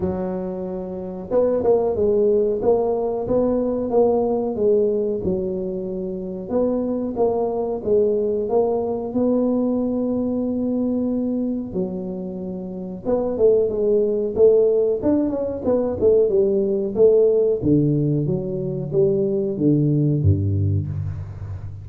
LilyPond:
\new Staff \with { instrumentName = "tuba" } { \time 4/4 \tempo 4 = 92 fis2 b8 ais8 gis4 | ais4 b4 ais4 gis4 | fis2 b4 ais4 | gis4 ais4 b2~ |
b2 fis2 | b8 a8 gis4 a4 d'8 cis'8 | b8 a8 g4 a4 d4 | fis4 g4 d4 g,4 | }